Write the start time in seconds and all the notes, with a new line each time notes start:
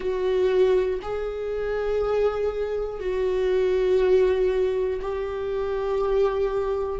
0.00 F#4
1.02 G#4
3.00 F#4
5.01 G4